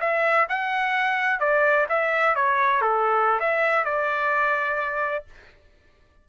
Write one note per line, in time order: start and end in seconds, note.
0.00 0.47 E5
0.49 1.40 F#5
1.40 1.86 D5
1.89 2.35 E5
2.35 2.81 C#5
2.81 3.39 A4
3.39 3.84 E5
3.84 5.25 D5